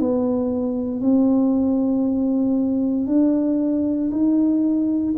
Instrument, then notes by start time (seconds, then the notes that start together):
tuba
0.00 B3
1.01 C4
3.07 D4
4.11 D#4